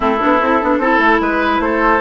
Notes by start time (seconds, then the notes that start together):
0.00 A3 C4 E4 A4
0.19 B3 D4
0.41 C4 E4
0.61 B3 D4
0.78 C4 E4 A4
0.99 A3
1.20 G#3 B4
1.59 A3 A4 C5